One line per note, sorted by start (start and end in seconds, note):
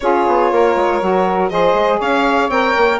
0.00 0.26 C#4
0.00 1.01 F4
0.00 0.51 G#4
0.00 1.48 C#5
0.27 0.51 B3
0.51 0.75 A#3
0.51 1.51 A#4
0.75 1.00 G#3
1.01 1.51 F#3
1.01 1.49 F#4
1.49 1.74 F3
1.49 2.49 G#4
1.49 1.98 C5
1.49 1.99 D#5
1.74 1.99 G#3
1.98 2.48 C#4
1.98 2.98 C#5
1.98 2.50 F5
2.48 2.73 C4
2.48 2.99 A#4
2.48 2.99 G5
2.76 2.99 A#3